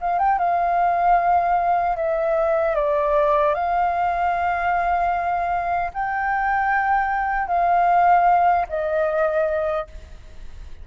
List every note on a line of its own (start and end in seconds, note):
0.00 0.19 F5
0.19 0.38 G5
0.38 1.96 F5
1.96 2.75 E5
2.75 3.54 D5
3.54 5.91 F5
5.94 7.47 G5
7.47 8.66 F5
8.69 9.87 D#5